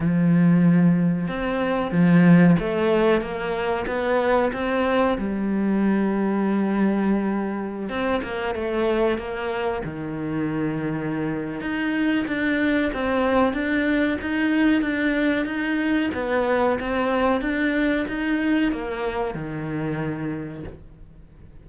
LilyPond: \new Staff \with { instrumentName = "cello" } { \time 4/4 \tempo 4 = 93 f2 c'4 f4 | a4 ais4 b4 c'4 | g1~ | g16 c'8 ais8 a4 ais4 dis8.~ |
dis2 dis'4 d'4 | c'4 d'4 dis'4 d'4 | dis'4 b4 c'4 d'4 | dis'4 ais4 dis2 | }